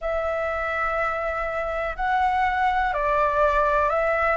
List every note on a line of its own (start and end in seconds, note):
0.01 1.96 E5
1.96 2.93 F#5
2.93 3.89 D5
3.89 4.36 E5